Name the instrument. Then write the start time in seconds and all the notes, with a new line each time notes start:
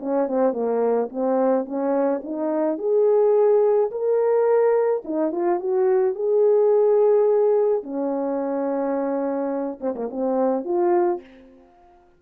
horn
0.00 C#4
0.28 C4
0.53 A#3
1.10 C4
1.65 C#4
2.24 D#4
2.79 G#4
3.91 A#4
5.05 D#4
5.32 F4
5.60 F#4
6.15 G#4
7.83 C#4
9.81 C4
9.95 A#3
10.11 C4
10.65 F4